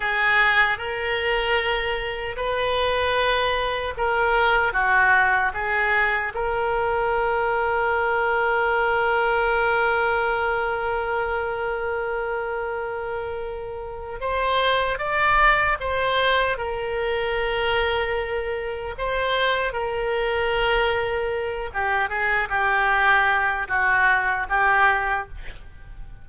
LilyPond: \new Staff \with { instrumentName = "oboe" } { \time 4/4 \tempo 4 = 76 gis'4 ais'2 b'4~ | b'4 ais'4 fis'4 gis'4 | ais'1~ | ais'1~ |
ais'2 c''4 d''4 | c''4 ais'2. | c''4 ais'2~ ais'8 g'8 | gis'8 g'4. fis'4 g'4 | }